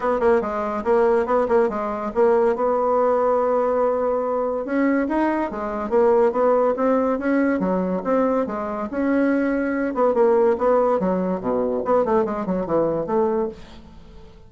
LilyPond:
\new Staff \with { instrumentName = "bassoon" } { \time 4/4 \tempo 4 = 142 b8 ais8 gis4 ais4 b8 ais8 | gis4 ais4 b2~ | b2. cis'4 | dis'4 gis4 ais4 b4 |
c'4 cis'4 fis4 c'4 | gis4 cis'2~ cis'8 b8 | ais4 b4 fis4 b,4 | b8 a8 gis8 fis8 e4 a4 | }